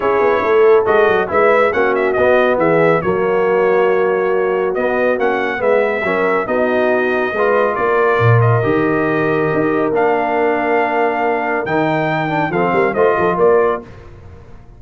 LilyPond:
<<
  \new Staff \with { instrumentName = "trumpet" } { \time 4/4 \tempo 4 = 139 cis''2 dis''4 e''4 | fis''8 e''8 dis''4 e''4 cis''4~ | cis''2. dis''4 | fis''4 e''2 dis''4~ |
dis''2 d''4. dis''8~ | dis''2. f''4~ | f''2. g''4~ | g''4 f''4 dis''4 d''4 | }
  \new Staff \with { instrumentName = "horn" } { \time 4/4 gis'4 a'2 b'4 | fis'2 gis'4 fis'4~ | fis'1~ | fis'4 b'4 ais'4 fis'4~ |
fis'4 b'4 ais'2~ | ais'1~ | ais'1~ | ais'4 a'8 ais'8 c''8 a'8 ais'4 | }
  \new Staff \with { instrumentName = "trombone" } { \time 4/4 e'2 fis'4 e'4 | cis'4 b2 ais4~ | ais2. b4 | cis'4 b4 cis'4 dis'4~ |
dis'4 f'2. | g'2. d'4~ | d'2. dis'4~ | dis'8 d'8 c'4 f'2 | }
  \new Staff \with { instrumentName = "tuba" } { \time 4/4 cis'8 b8 a4 gis8 fis8 gis4 | ais4 b4 e4 fis4~ | fis2. b4 | ais4 gis4 fis4 b4~ |
b4 gis4 ais4 ais,4 | dis2 dis'4 ais4~ | ais2. dis4~ | dis4 f8 g8 a8 f8 ais4 | }
>>